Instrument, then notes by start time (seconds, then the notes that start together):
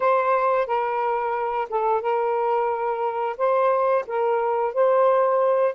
saxophone
0.00 C5
0.66 A#4
1.69 A4
2.01 A#4
3.37 C5
4.06 A#4
4.74 C5